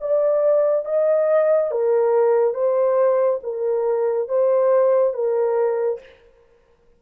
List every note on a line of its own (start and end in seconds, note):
0.00 0.85 D5
0.85 1.71 D#5
1.71 2.54 A#4
2.54 3.39 C5
3.42 4.28 A#4
4.28 5.13 C5
5.13 5.99 A#4